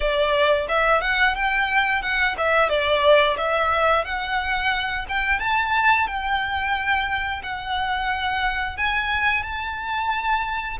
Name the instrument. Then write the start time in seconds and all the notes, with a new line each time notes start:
violin
0.00 D5
0.68 E5
1.01 F#5
1.35 G5
2.02 F#5
2.37 E5
2.69 D5
3.37 E5
4.04 F#5
5.08 G5
5.39 A5
6.07 G5
7.42 F#5
8.77 G#5
9.42 A5